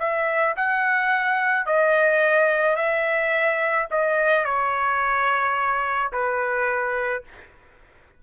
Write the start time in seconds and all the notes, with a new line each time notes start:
0.00 E5
0.57 F#5
1.66 D#5
2.76 E5
3.91 D#5
4.45 C#5
6.13 B4